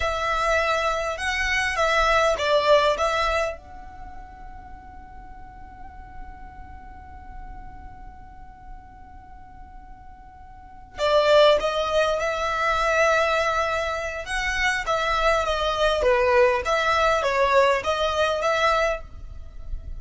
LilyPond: \new Staff \with { instrumentName = "violin" } { \time 4/4 \tempo 4 = 101 e''2 fis''4 e''4 | d''4 e''4 fis''2~ | fis''1~ | fis''1~ |
fis''2~ fis''8 d''4 dis''8~ | dis''8 e''2.~ e''8 | fis''4 e''4 dis''4 b'4 | e''4 cis''4 dis''4 e''4 | }